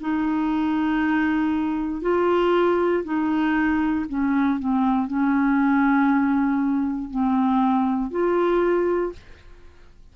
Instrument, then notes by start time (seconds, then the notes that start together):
clarinet
0.00 D#4
2.02 F4
3.04 D#4
4.09 C#4
4.59 C4
5.07 C#4
7.10 C4
8.10 F4